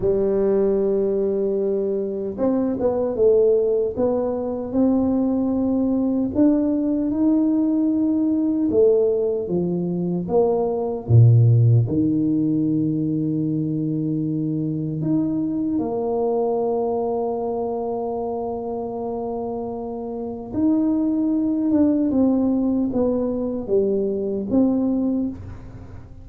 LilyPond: \new Staff \with { instrumentName = "tuba" } { \time 4/4 \tempo 4 = 76 g2. c'8 b8 | a4 b4 c'2 | d'4 dis'2 a4 | f4 ais4 ais,4 dis4~ |
dis2. dis'4 | ais1~ | ais2 dis'4. d'8 | c'4 b4 g4 c'4 | }